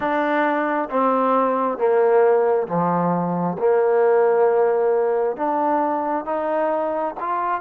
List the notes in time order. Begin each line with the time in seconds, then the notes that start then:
0.00 D4
0.90 C4
1.77 A#3
2.67 F3
3.59 A#3
5.36 D4
6.25 D#4
7.20 F4